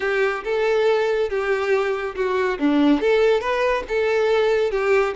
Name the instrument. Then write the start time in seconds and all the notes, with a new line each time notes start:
violin
0.00 G4
0.44 A4
1.29 G4
2.15 F#4
2.59 D4
3.00 A4
3.41 B4
3.88 A4
4.71 G4